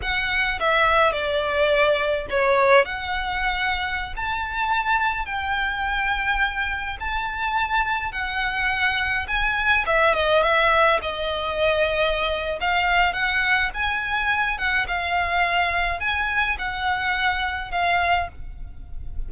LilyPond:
\new Staff \with { instrumentName = "violin" } { \time 4/4 \tempo 4 = 105 fis''4 e''4 d''2 | cis''4 fis''2~ fis''16 a''8.~ | a''4~ a''16 g''2~ g''8.~ | g''16 a''2 fis''4.~ fis''16~ |
fis''16 gis''4 e''8 dis''8 e''4 dis''8.~ | dis''2 f''4 fis''4 | gis''4. fis''8 f''2 | gis''4 fis''2 f''4 | }